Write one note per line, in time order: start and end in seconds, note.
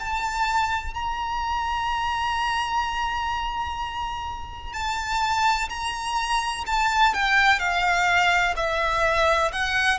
0.00 0.94 A5
0.94 4.74 A#5
4.74 5.69 A5
5.70 6.65 A#5
6.67 7.14 A5
7.14 7.59 G5
7.59 8.55 F5
8.57 9.52 E5
9.53 9.99 F#5